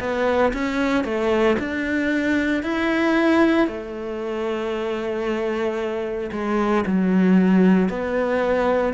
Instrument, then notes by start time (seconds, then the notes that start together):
cello
0.00 B3
0.53 C#4
1.04 A3
1.59 D4
2.63 E4
3.67 A3
6.32 G#3
6.86 F#3
7.89 B3